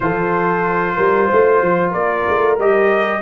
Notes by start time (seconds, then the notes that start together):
0.00 F3 F4 A4 C5
0.96 G3 A#4
1.26 A3 C5
1.61 F3
1.91 A#3 A#4 D5
2.28 A3
2.58 G3 G4 D#5